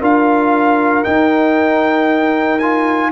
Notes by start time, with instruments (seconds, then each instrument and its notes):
0.00 tuba D4, trombone F4, horn A#4, trumpet F5
1.04 trombone D#4, tuba D#4, trumpet G5
2.59 trombone F4, trumpet G#5